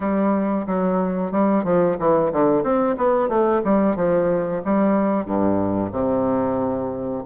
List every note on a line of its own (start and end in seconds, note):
0.00 0.66 G3
0.66 1.31 F#3
1.31 1.63 G3
1.63 1.96 F3
1.99 2.32 E3
2.32 2.63 D3
2.63 2.96 C4
2.97 3.28 B3
3.28 3.61 A3
3.64 3.96 G3
3.96 4.62 F3
4.65 5.25 G3
5.25 5.91 G2
5.92 7.23 C3